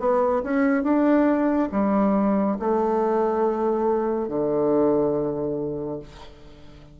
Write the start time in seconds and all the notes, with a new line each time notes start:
0.00 B3
0.44 C#4
0.83 D4
1.72 G3
2.59 A3
4.29 D3